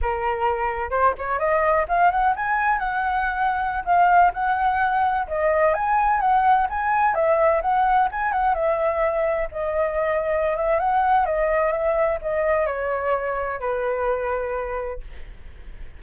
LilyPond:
\new Staff \with { instrumentName = "flute" } { \time 4/4 \tempo 4 = 128 ais'2 c''8 cis''8 dis''4 | f''8 fis''8 gis''4 fis''2~ | fis''16 f''4 fis''2 dis''8.~ | dis''16 gis''4 fis''4 gis''4 e''8.~ |
e''16 fis''4 gis''8 fis''8 e''4.~ e''16~ | e''16 dis''2~ dis''16 e''8 fis''4 | dis''4 e''4 dis''4 cis''4~ | cis''4 b'2. | }